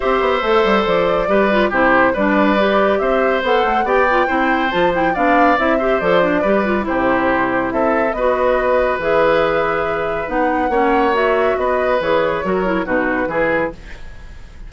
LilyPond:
<<
  \new Staff \with { instrumentName = "flute" } { \time 4/4 \tempo 4 = 140 e''2 d''2 | c''4 d''2 e''4 | fis''4 g''2 a''8 g''8 | f''4 e''4 d''2 |
c''2 e''4 dis''4~ | dis''4 e''2. | fis''2 e''4 dis''4 | cis''2 b'2 | }
  \new Staff \with { instrumentName = "oboe" } { \time 4/4 c''2. b'4 | g'4 b'2 c''4~ | c''4 d''4 c''2 | d''4. c''4. b'4 |
g'2 a'4 b'4~ | b'1~ | b'4 cis''2 b'4~ | b'4 ais'4 fis'4 gis'4 | }
  \new Staff \with { instrumentName = "clarinet" } { \time 4/4 g'4 a'2 g'8 f'8 | e'4 d'4 g'2 | a'4 g'8 f'8 e'4 f'8 e'8 | d'4 e'8 g'8 a'8 d'8 g'8 f'8 |
e'2. fis'4~ | fis'4 gis'2. | dis'4 cis'4 fis'2 | gis'4 fis'8 e'8 dis'4 e'4 | }
  \new Staff \with { instrumentName = "bassoon" } { \time 4/4 c'8 b8 a8 g8 f4 g4 | c4 g2 c'4 | b8 a8 b4 c'4 f4 | b4 c'4 f4 g4 |
c2 c'4 b4~ | b4 e2. | b4 ais2 b4 | e4 fis4 b,4 e4 | }
>>